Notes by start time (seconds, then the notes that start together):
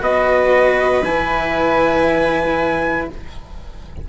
0.00 B3 F#4 B4 D#5
1.03 E3 E4 G#5